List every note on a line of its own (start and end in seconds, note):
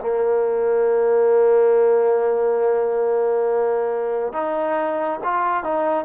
0.00 4.33 A#3
4.33 5.20 D#4
5.24 5.64 F4
5.64 6.06 D#4